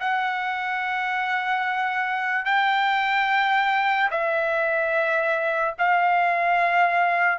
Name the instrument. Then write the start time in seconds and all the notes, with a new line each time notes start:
trumpet
0.00 F#5
2.45 G5
4.10 E5
5.78 F5